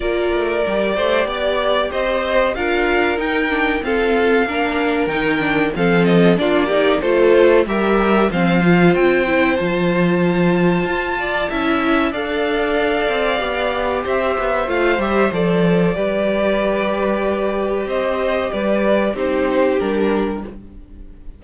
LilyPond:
<<
  \new Staff \with { instrumentName = "violin" } { \time 4/4 \tempo 4 = 94 d''2. dis''4 | f''4 g''4 f''2 | g''4 f''8 dis''8 d''4 c''4 | e''4 f''4 g''4 a''4~ |
a''2. f''4~ | f''2 e''4 f''8 e''8 | d''1 | dis''4 d''4 c''4 ais'4 | }
  \new Staff \with { instrumentName = "violin" } { \time 4/4 ais'4. c''8 d''4 c''4 | ais'2 a'4 ais'4~ | ais'4 a'4 f'8 g'8 a'4 | ais'4 c''2.~ |
c''4. d''8 e''4 d''4~ | d''2 c''2~ | c''4 b'2. | c''4 b'4 g'2 | }
  \new Staff \with { instrumentName = "viola" } { \time 4/4 f'4 g'2. | f'4 dis'8 d'8 c'4 d'4 | dis'8 d'8 c'4 d'8 dis'8 f'4 | g'4 c'8 f'4 e'8 f'4~ |
f'2 e'4 a'4~ | a'4 g'2 f'8 g'8 | a'4 g'2.~ | g'2 dis'4 d'4 | }
  \new Staff \with { instrumentName = "cello" } { \time 4/4 ais8 a8 g8 a8 b4 c'4 | d'4 dis'4 f'4 ais4 | dis4 f4 ais4 a4 | g4 f4 c'4 f4~ |
f4 f'4 cis'4 d'4~ | d'8 c'8 b4 c'8 b8 a8 g8 | f4 g2. | c'4 g4 c'4 g4 | }
>>